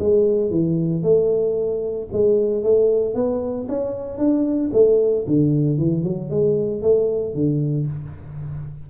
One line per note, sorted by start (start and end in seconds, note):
0.00 0.51 G#3
0.51 1.03 E3
1.03 2.09 A3
2.13 2.64 G#3
2.64 3.15 A3
3.15 3.67 B3
3.69 4.18 C#4
4.18 4.71 D4
4.73 5.26 A3
5.28 5.78 D3
5.78 6.04 E3
6.04 6.30 F#3
6.30 6.83 G#3
6.83 7.35 A3
7.35 7.87 D3